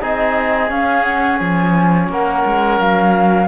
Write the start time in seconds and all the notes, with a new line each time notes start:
0.00 C4 D#4 G#4 D#5
0.68 C#4 F5
1.03 F#5
1.40 F3 G#5
2.09 A#3 A#4 F#5
2.45 G#3
2.80 F#3 F5